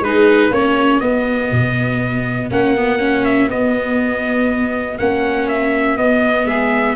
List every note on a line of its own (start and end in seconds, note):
0.00 0.50 G#3
0.00 0.51 D#4
0.00 0.53 G#4
0.00 0.53 B4
0.50 1.00 A#3
0.50 1.01 C#4
0.50 6.46 F#4
0.50 1.00 C#5
1.00 1.50 B3
1.00 2.50 B3
1.00 2.48 D#5
1.51 2.50 B2
2.50 3.48 A#3
2.50 2.75 C#4
2.50 3.24 F#5
2.76 2.98 B3
2.98 3.48 C#4
3.24 3.49 E5
3.48 4.96 B3
3.48 4.98 B3
3.48 4.98 D#5
4.98 5.96 A#3
4.98 5.98 C#4
4.98 5.47 F#5
5.48 5.97 E5
5.96 6.45 B3
5.96 6.95 B3
5.96 6.46 D#5
6.45 6.95 G#3
6.45 6.95 G#4
6.45 6.95 E5